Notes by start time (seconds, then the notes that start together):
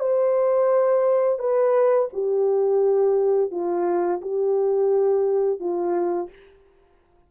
0.00 C5
1.39 B4
2.13 G4
3.51 F4
4.21 G4
5.60 F4